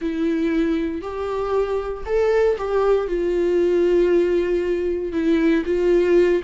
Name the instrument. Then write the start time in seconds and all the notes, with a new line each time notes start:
viola
0.01 E4
1.01 G4
2.05 A4
2.58 G4
3.07 F4
5.12 E4
5.65 F4